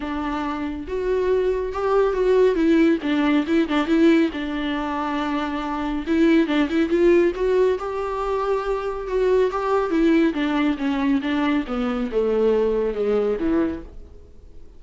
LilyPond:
\new Staff \with { instrumentName = "viola" } { \time 4/4 \tempo 4 = 139 d'2 fis'2 | g'4 fis'4 e'4 d'4 | e'8 d'8 e'4 d'2~ | d'2 e'4 d'8 e'8 |
f'4 fis'4 g'2~ | g'4 fis'4 g'4 e'4 | d'4 cis'4 d'4 b4 | a2 gis4 e4 | }